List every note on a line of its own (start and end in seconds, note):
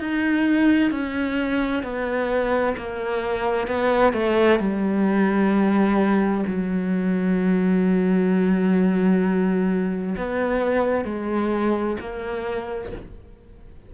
0.00 0.91 D#4
0.91 1.83 C#4
1.83 2.76 B3
2.77 3.68 A#3
3.68 4.13 B3
4.13 4.59 A3
4.60 6.44 G3
6.47 10.16 F#3
10.17 11.05 B3
11.05 11.97 G#3
12.00 12.93 A#3